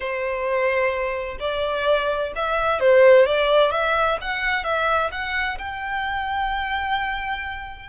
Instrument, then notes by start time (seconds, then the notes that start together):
violin
0.00 C5
1.39 D5
2.35 E5
2.80 C5
3.26 D5
3.71 E5
4.21 F#5
4.64 E5
5.11 F#5
5.58 G5